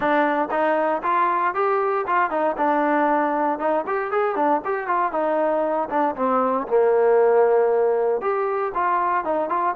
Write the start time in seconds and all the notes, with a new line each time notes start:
0.00 D4
0.50 D#4
1.03 F4
1.54 G4
2.07 F4
2.30 D#4
2.57 D4
3.59 D#4
3.86 G4
4.11 G#4
4.35 D4
4.64 G4
4.87 F4
5.12 D#4
5.89 D4
6.16 C4
6.67 A#3
8.21 G4
8.74 F4
9.24 D#4
9.49 F4